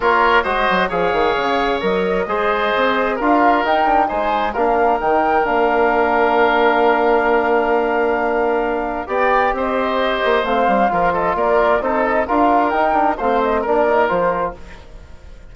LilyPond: <<
  \new Staff \with { instrumentName = "flute" } { \time 4/4 \tempo 4 = 132 cis''4 dis''4 f''2 | dis''2. f''4 | g''4 gis''4 f''4 g''4 | f''1~ |
f''1 | g''4 dis''2 f''4~ | f''8 dis''8 d''4 c''8 dis''8 f''4 | g''4 f''8 dis''8 d''4 c''4 | }
  \new Staff \with { instrumentName = "oboe" } { \time 4/4 ais'4 c''4 cis''2~ | cis''4 c''2 ais'4~ | ais'4 c''4 ais'2~ | ais'1~ |
ais'1 | d''4 c''2. | ais'8 a'8 ais'4 a'4 ais'4~ | ais'4 c''4 ais'2 | }
  \new Staff \with { instrumentName = "trombone" } { \time 4/4 f'4 fis'4 gis'2 | ais'4 gis'2 f'4 | dis'8 d'8 dis'4 d'4 dis'4 | d'1~ |
d'1 | g'2. c'4 | f'2 dis'4 f'4 | dis'8 d'8 c'4 d'8 dis'8 f'4 | }
  \new Staff \with { instrumentName = "bassoon" } { \time 4/4 ais4 gis8 fis8 f8 dis8 cis4 | fis4 gis4 c'4 d'4 | dis'4 gis4 ais4 dis4 | ais1~ |
ais1 | b4 c'4. ais8 a8 g8 | f4 ais4 c'4 d'4 | dis'4 a4 ais4 f4 | }
>>